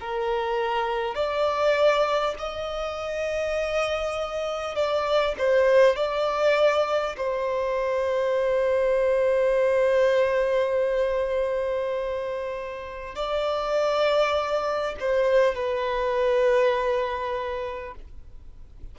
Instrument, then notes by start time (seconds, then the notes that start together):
violin
0.00 A#4
1.15 D5
2.38 D#5
4.75 D5
5.38 C5
5.96 D5
7.17 C5
13.15 D5
14.99 C5
15.55 B4